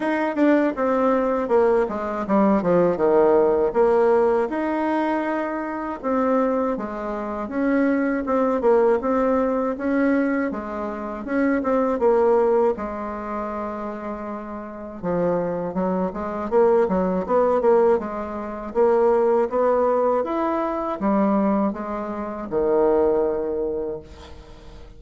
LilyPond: \new Staff \with { instrumentName = "bassoon" } { \time 4/4 \tempo 4 = 80 dis'8 d'8 c'4 ais8 gis8 g8 f8 | dis4 ais4 dis'2 | c'4 gis4 cis'4 c'8 ais8 | c'4 cis'4 gis4 cis'8 c'8 |
ais4 gis2. | f4 fis8 gis8 ais8 fis8 b8 ais8 | gis4 ais4 b4 e'4 | g4 gis4 dis2 | }